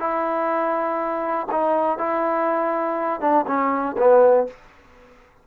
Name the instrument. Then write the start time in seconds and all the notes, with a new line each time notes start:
trombone
0.00 E4
1.52 D#4
1.99 E4
3.21 D4
3.47 C#4
3.98 B3